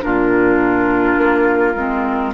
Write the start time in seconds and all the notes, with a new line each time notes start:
0.00 A#2 D4 F4 A#4
1.17 A#3
1.75 G#3 C4